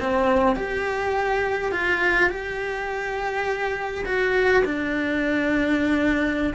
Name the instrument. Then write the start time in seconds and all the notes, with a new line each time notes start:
cello
0.00 C4
0.56 G4
1.72 F4
2.30 G4
4.06 F#4
4.65 D4